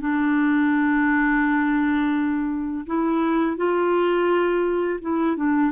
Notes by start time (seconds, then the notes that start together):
0.00 D4
2.86 E4
3.57 F4
5.01 E4
5.36 D4